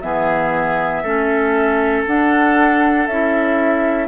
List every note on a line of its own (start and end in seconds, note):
0.00 1.03 E3
0.00 1.04 B3
0.00 1.02 G#4
0.00 2.03 E5
1.02 2.04 A3
1.02 2.07 C#4
1.02 4.07 A4
2.06 3.07 D4
2.06 3.08 D4
2.06 3.07 F#5
3.07 4.07 C#4
3.07 4.07 E4
3.07 4.07 E5